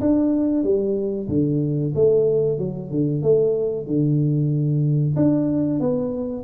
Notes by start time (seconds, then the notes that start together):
0.00 D4
0.63 G3
1.28 D3
1.94 A3
2.58 F#3
2.90 D3
3.22 A3
3.86 D3
5.16 D4
5.79 B3